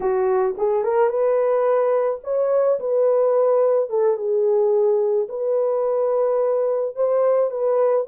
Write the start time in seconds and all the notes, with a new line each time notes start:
0.00 F#4
0.57 G#4
0.83 A#4
1.09 B4
2.23 C#5
2.79 B4
3.89 A4
4.16 G#4
5.29 B4
6.95 C5
7.51 B4